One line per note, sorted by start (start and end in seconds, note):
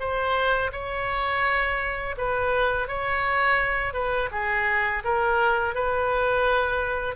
0.00 0.71 C5
0.73 2.16 C#5
2.18 2.88 B4
2.88 3.94 C#5
3.94 4.30 B4
4.32 5.03 G#4
5.05 5.75 A#4
5.75 7.16 B4